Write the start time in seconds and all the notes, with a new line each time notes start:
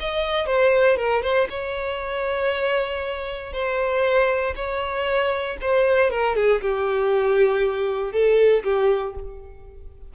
0.00 D#5
0.47 C5
0.97 A#4
1.22 C5
1.50 C#5
3.53 C5
4.56 C#5
5.61 C5
6.11 A#4
6.36 G#4
6.62 G4
8.13 A4
8.63 G4